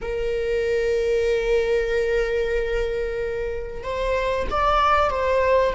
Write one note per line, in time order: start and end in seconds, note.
0.01 3.83 A#4
3.83 4.47 C5
4.50 5.10 D5
5.10 5.74 C5